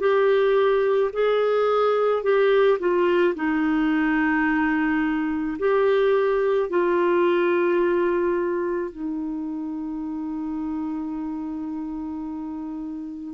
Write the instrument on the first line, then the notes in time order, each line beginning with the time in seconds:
clarinet
0.00 G4
1.13 G#4
2.23 G4
2.79 F4
3.36 D#4
5.59 G4
6.70 F4
8.92 D#4